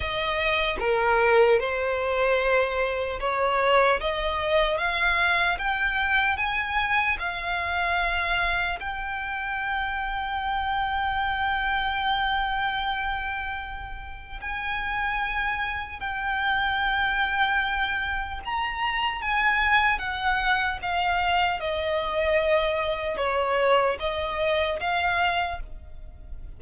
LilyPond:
\new Staff \with { instrumentName = "violin" } { \time 4/4 \tempo 4 = 75 dis''4 ais'4 c''2 | cis''4 dis''4 f''4 g''4 | gis''4 f''2 g''4~ | g''1~ |
g''2 gis''2 | g''2. ais''4 | gis''4 fis''4 f''4 dis''4~ | dis''4 cis''4 dis''4 f''4 | }